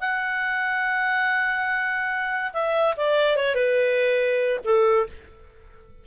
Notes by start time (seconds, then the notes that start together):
0.00 F#5
2.53 E5
2.96 D5
3.36 C#5
3.54 B4
4.64 A4